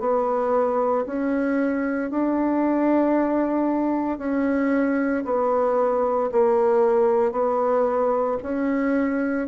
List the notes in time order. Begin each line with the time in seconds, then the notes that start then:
0.00 B3
1.07 C#4
2.11 D4
4.19 C#4
5.25 B3
6.32 A#3
7.33 B3
8.43 C#4